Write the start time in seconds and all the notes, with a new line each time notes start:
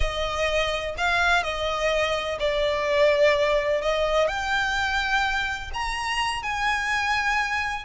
0.00 D#5
0.97 F5
1.43 D#5
2.39 D5
3.81 D#5
4.27 G5
5.73 A#5
6.42 G#5